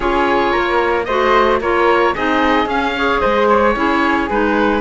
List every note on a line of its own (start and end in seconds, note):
0.00 0.52 C#4
0.00 1.04 F4
0.00 0.51 G#4
0.00 1.04 C#5
0.51 1.07 A#3
0.51 1.05 A#4
1.04 1.60 A3
1.04 1.61 F#4
1.04 1.60 C5
1.04 1.57 D#5
1.60 2.14 A#3
1.60 2.15 F4
1.60 2.14 A#4
1.60 2.15 C#5
2.15 2.65 C4
2.15 2.67 D#4
2.15 2.95 G#4
2.15 2.69 D#5
2.65 3.19 C#4
2.65 2.93 C#4
2.65 3.20 F5
2.96 3.75 G#4
2.96 3.20 C#5
3.20 3.75 G#3
3.20 3.74 C5
3.20 3.47 D#5
3.49 4.29 C#5
3.75 4.29 C#4
3.75 4.28 E4
3.75 4.81 G#4
4.29 4.81 G#3
4.29 4.81 D#4
4.29 4.81 B4